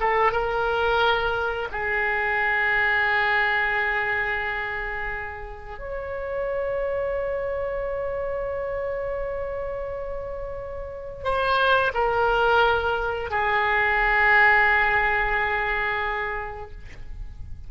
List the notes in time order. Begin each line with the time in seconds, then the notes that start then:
0.00 A4
0.32 A#4
1.72 G#4
5.79 C#5
11.24 C5
11.94 A#4
13.31 G#4